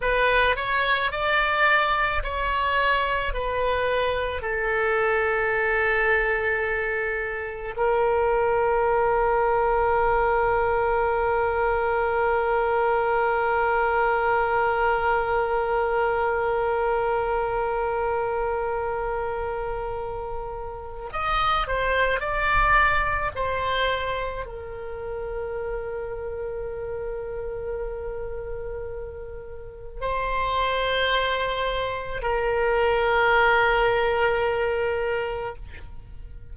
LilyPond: \new Staff \with { instrumentName = "oboe" } { \time 4/4 \tempo 4 = 54 b'8 cis''8 d''4 cis''4 b'4 | a'2. ais'4~ | ais'1~ | ais'1~ |
ais'2. dis''8 c''8 | d''4 c''4 ais'2~ | ais'2. c''4~ | c''4 ais'2. | }